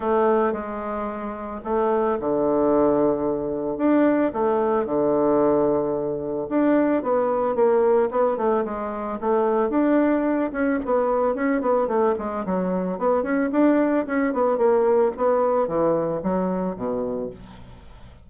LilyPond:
\new Staff \with { instrumentName = "bassoon" } { \time 4/4 \tempo 4 = 111 a4 gis2 a4 | d2. d'4 | a4 d2. | d'4 b4 ais4 b8 a8 |
gis4 a4 d'4. cis'8 | b4 cis'8 b8 a8 gis8 fis4 | b8 cis'8 d'4 cis'8 b8 ais4 | b4 e4 fis4 b,4 | }